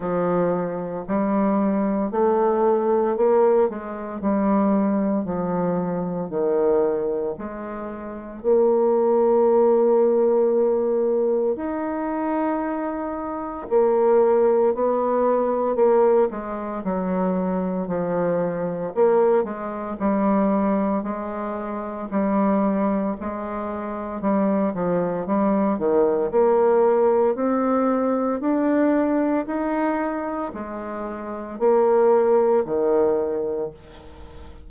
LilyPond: \new Staff \with { instrumentName = "bassoon" } { \time 4/4 \tempo 4 = 57 f4 g4 a4 ais8 gis8 | g4 f4 dis4 gis4 | ais2. dis'4~ | dis'4 ais4 b4 ais8 gis8 |
fis4 f4 ais8 gis8 g4 | gis4 g4 gis4 g8 f8 | g8 dis8 ais4 c'4 d'4 | dis'4 gis4 ais4 dis4 | }